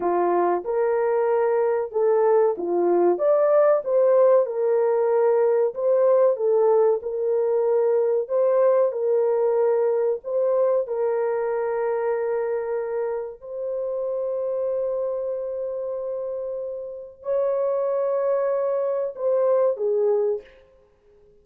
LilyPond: \new Staff \with { instrumentName = "horn" } { \time 4/4 \tempo 4 = 94 f'4 ais'2 a'4 | f'4 d''4 c''4 ais'4~ | ais'4 c''4 a'4 ais'4~ | ais'4 c''4 ais'2 |
c''4 ais'2.~ | ais'4 c''2.~ | c''2. cis''4~ | cis''2 c''4 gis'4 | }